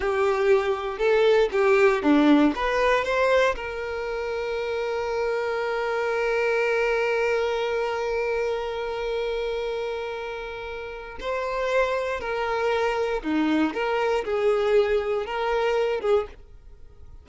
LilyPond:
\new Staff \with { instrumentName = "violin" } { \time 4/4 \tempo 4 = 118 g'2 a'4 g'4 | d'4 b'4 c''4 ais'4~ | ais'1~ | ais'1~ |
ais'1~ | ais'2 c''2 | ais'2 dis'4 ais'4 | gis'2 ais'4. gis'8 | }